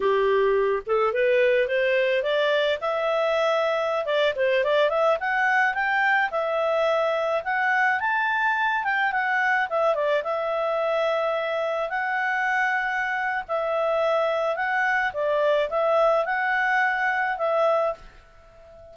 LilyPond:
\new Staff \with { instrumentName = "clarinet" } { \time 4/4 \tempo 4 = 107 g'4. a'8 b'4 c''4 | d''4 e''2~ e''16 d''8 c''16~ | c''16 d''8 e''8 fis''4 g''4 e''8.~ | e''4~ e''16 fis''4 a''4. g''16~ |
g''16 fis''4 e''8 d''8 e''4.~ e''16~ | e''4~ e''16 fis''2~ fis''8. | e''2 fis''4 d''4 | e''4 fis''2 e''4 | }